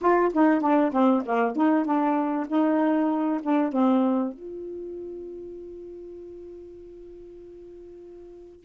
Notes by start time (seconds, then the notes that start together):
0.01 F4
0.33 D#4
0.60 D4
0.92 C4
1.25 A#3
1.56 D#4
1.85 D4
2.47 D#4
3.42 D4
3.72 C4
4.33 F4